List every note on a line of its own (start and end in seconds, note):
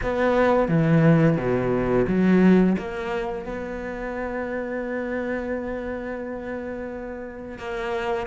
0.03 0.68 B3
0.68 1.37 E3
1.37 2.06 B2
2.07 2.76 F#3
2.78 3.45 A#3
3.45 7.58 B3
7.58 8.26 A#3